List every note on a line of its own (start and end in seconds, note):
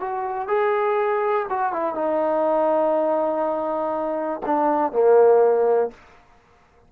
0.00 0.48 F#4
0.48 1.47 G#4
1.50 1.73 F#4
1.73 1.95 E4
1.95 4.41 D#4
4.46 4.92 D4
4.92 5.91 A#3